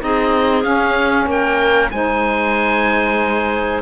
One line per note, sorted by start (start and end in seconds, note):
0.00 0.64 C4
0.00 0.63 D#4
0.00 1.28 G#4
0.00 0.64 D#5
0.63 1.90 C#4
0.63 1.27 C#4
0.63 1.28 F5
1.27 1.90 A#3
1.27 1.91 A#4
1.27 1.91 G5
1.91 3.83 G#3
1.91 3.83 D#4
1.91 3.83 C5
1.91 3.82 G#5